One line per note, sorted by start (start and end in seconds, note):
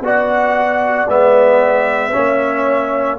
0.00 1.05 B3
0.00 1.08 F#4
0.00 2.11 D5
0.06 1.09 F#5
1.08 2.13 G#3
1.08 2.12 B3
1.08 3.19 E5
2.11 3.19 A#3
2.11 3.17 C#4
2.11 3.16 C#5